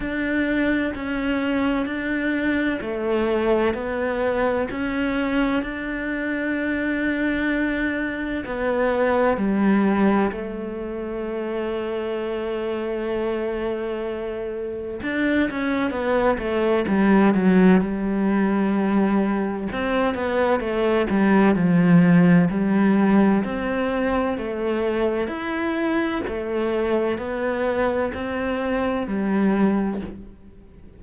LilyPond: \new Staff \with { instrumentName = "cello" } { \time 4/4 \tempo 4 = 64 d'4 cis'4 d'4 a4 | b4 cis'4 d'2~ | d'4 b4 g4 a4~ | a1 |
d'8 cis'8 b8 a8 g8 fis8 g4~ | g4 c'8 b8 a8 g8 f4 | g4 c'4 a4 e'4 | a4 b4 c'4 g4 | }